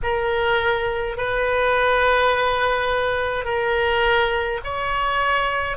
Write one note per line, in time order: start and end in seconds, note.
0.03 1.17 A#4
1.17 3.45 B4
3.45 4.60 A#4
4.64 5.77 C#5